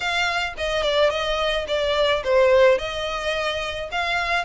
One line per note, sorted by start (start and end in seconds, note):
0.00 0.54 F5
0.57 0.82 D#5
0.82 1.10 D5
1.10 1.65 D#5
1.67 2.23 D5
2.23 2.78 C5
2.78 3.89 D#5
3.91 4.44 F5